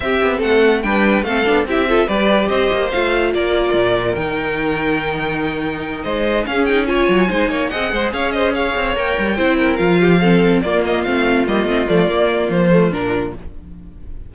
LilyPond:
<<
  \new Staff \with { instrumentName = "violin" } { \time 4/4 \tempo 4 = 144 e''4 fis''4 g''4 f''4 | e''4 d''4 dis''4 f''4 | d''2 g''2~ | g''2~ g''8 dis''4 f''8 |
g''8 gis''2 fis''4 f''8 | dis''8 f''4 g''2 f''8~ | f''4. d''8 dis''8 f''4 dis''8~ | dis''8 d''4. c''4 ais'4 | }
  \new Staff \with { instrumentName = "violin" } { \time 4/4 g'4 a'4 b'4 a'4 | g'8 a'8 b'4 c''2 | ais'1~ | ais'2~ ais'8 c''4 gis'8~ |
gis'8 cis''4 c''8 cis''8 dis''8 c''8 cis''8 | c''8 cis''2 c''8 ais'4 | g'8 a'4 f'2~ f'8~ | f'1 | }
  \new Staff \with { instrumentName = "viola" } { \time 4/4 c'2 d'4 c'8 d'8 | e'8 f'8 g'2 f'4~ | f'2 dis'2~ | dis'2.~ dis'8 cis'8 |
dis'8 f'4 dis'4 gis'4.~ | gis'4. ais'4 e'4 f'8~ | f'8 c'4 ais4 c'4 ais8 | c'8 a8 ais4. a8 d'4 | }
  \new Staff \with { instrumentName = "cello" } { \time 4/4 c'8 b8 a4 g4 a8 b8 | c'4 g4 c'8 ais8 a4 | ais4 ais,4 dis2~ | dis2~ dis8 gis4 cis'8~ |
cis'4 fis8 gis8 ais8 c'8 gis8 cis'8~ | cis'4 c'8 ais8 g8 c'4 f8~ | f4. ais4 a4 g8 | a8 f8 ais4 f4 ais,4 | }
>>